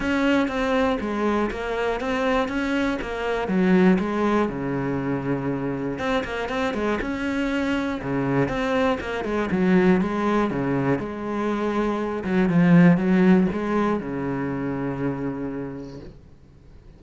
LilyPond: \new Staff \with { instrumentName = "cello" } { \time 4/4 \tempo 4 = 120 cis'4 c'4 gis4 ais4 | c'4 cis'4 ais4 fis4 | gis4 cis2. | c'8 ais8 c'8 gis8 cis'2 |
cis4 c'4 ais8 gis8 fis4 | gis4 cis4 gis2~ | gis8 fis8 f4 fis4 gis4 | cis1 | }